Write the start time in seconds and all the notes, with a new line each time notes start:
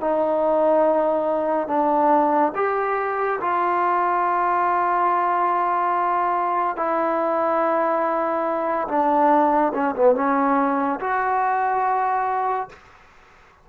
0.00 D#4
1.67 D4
2.55 G4
3.41 F4
6.76 E4
8.88 D4
9.73 C#4
9.95 B3
10.15 C#4
11.00 F#4